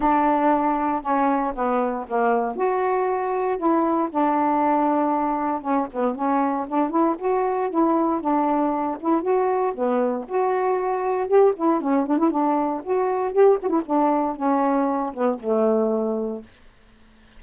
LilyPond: \new Staff \with { instrumentName = "saxophone" } { \time 4/4 \tempo 4 = 117 d'2 cis'4 b4 | ais4 fis'2 e'4 | d'2. cis'8 b8 | cis'4 d'8 e'8 fis'4 e'4 |
d'4. e'8 fis'4 b4 | fis'2 g'8 e'8 cis'8 d'16 e'16 | d'4 fis'4 g'8 fis'16 e'16 d'4 | cis'4. b8 a2 | }